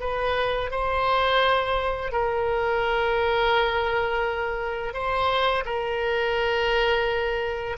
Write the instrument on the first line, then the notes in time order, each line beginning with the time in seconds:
oboe
0.00 B4
0.71 C5
2.12 A#4
4.93 C5
5.65 A#4